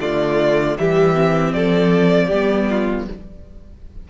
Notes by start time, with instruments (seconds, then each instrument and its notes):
0.00 cello D3, viola A3, violin F4 D5
0.78 cello E3, viola G3, violin G4 E5
1.15 viola C4
1.53 cello F3, violin A4 D5
2.27 cello G3, violin G4
2.33 viola B3
2.70 violin F4